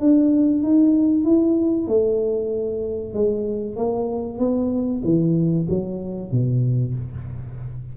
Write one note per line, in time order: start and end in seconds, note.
0.00 0.63 D4
0.63 1.25 D#4
1.25 1.88 E4
1.88 3.14 A3
3.14 3.76 G#3
3.76 4.39 A#3
4.39 5.02 B3
5.04 5.68 E3
5.70 6.32 F#3
6.32 6.95 B2